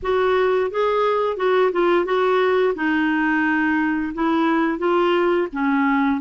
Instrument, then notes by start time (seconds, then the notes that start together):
clarinet
0.02 F#4
0.70 G#4
1.36 F#4
1.71 F4
2.05 F#4
2.75 D#4
4.13 E4
4.78 F4
5.52 C#4